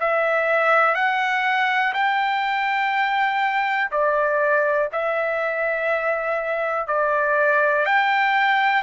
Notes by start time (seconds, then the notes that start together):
0.00 E5
0.94 F#5
1.93 G5
3.91 D5
4.92 E5
6.87 D5
7.85 G5